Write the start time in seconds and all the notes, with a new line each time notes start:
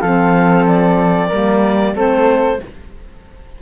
0.00 F3 C4 A4 F5
0.67 D5
1.27 G3 A#3 A#4
1.95 A3 C4 A4 C5